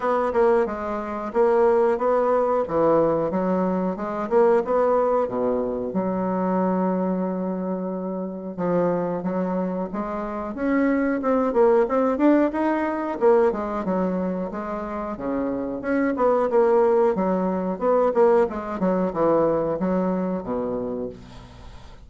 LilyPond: \new Staff \with { instrumentName = "bassoon" } { \time 4/4 \tempo 4 = 91 b8 ais8 gis4 ais4 b4 | e4 fis4 gis8 ais8 b4 | b,4 fis2.~ | fis4 f4 fis4 gis4 |
cis'4 c'8 ais8 c'8 d'8 dis'4 | ais8 gis8 fis4 gis4 cis4 | cis'8 b8 ais4 fis4 b8 ais8 | gis8 fis8 e4 fis4 b,4 | }